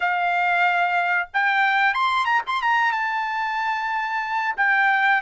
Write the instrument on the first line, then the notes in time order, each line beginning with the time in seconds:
trumpet
0.00 F5
1.33 G5
1.94 C6
2.25 A#5
2.46 C6
2.61 A#5
2.92 A5
4.57 G5